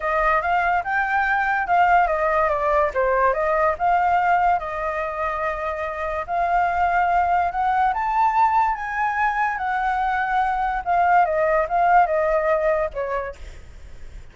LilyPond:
\new Staff \with { instrumentName = "flute" } { \time 4/4 \tempo 4 = 144 dis''4 f''4 g''2 | f''4 dis''4 d''4 c''4 | dis''4 f''2 dis''4~ | dis''2. f''4~ |
f''2 fis''4 a''4~ | a''4 gis''2 fis''4~ | fis''2 f''4 dis''4 | f''4 dis''2 cis''4 | }